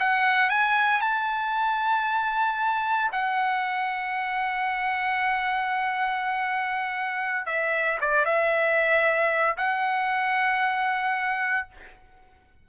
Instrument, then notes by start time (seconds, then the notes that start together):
trumpet
0.00 F#5
0.50 G#5
1.01 A5
3.13 F#5
7.46 E5
8.01 D5
8.26 E5
9.58 F#5